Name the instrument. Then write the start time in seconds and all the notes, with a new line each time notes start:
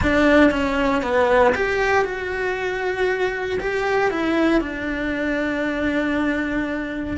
cello
0.02 D4
0.51 C#4
1.02 B3
1.55 G4
2.04 F#4
3.59 G4
4.10 E4
4.60 D4